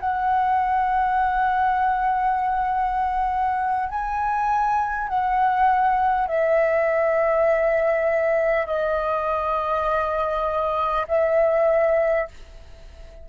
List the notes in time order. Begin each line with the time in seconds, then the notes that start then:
0.00 F#5
3.89 G#5
5.08 F#5
6.27 E5
8.67 D#5
11.07 E5